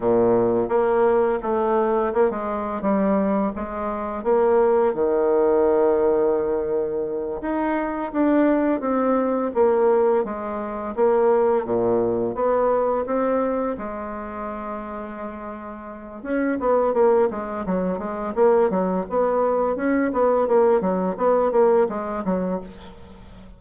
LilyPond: \new Staff \with { instrumentName = "bassoon" } { \time 4/4 \tempo 4 = 85 ais,4 ais4 a4 ais16 gis8. | g4 gis4 ais4 dis4~ | dis2~ dis8 dis'4 d'8~ | d'8 c'4 ais4 gis4 ais8~ |
ais8 ais,4 b4 c'4 gis8~ | gis2. cis'8 b8 | ais8 gis8 fis8 gis8 ais8 fis8 b4 | cis'8 b8 ais8 fis8 b8 ais8 gis8 fis8 | }